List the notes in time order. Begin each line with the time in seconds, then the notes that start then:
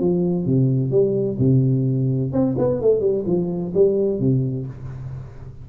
0.00 F3
0.45 C3
0.91 G3
1.38 C3
2.32 C4
2.58 B3
2.81 A3
3.00 G3
3.26 F3
3.74 G3
4.19 C3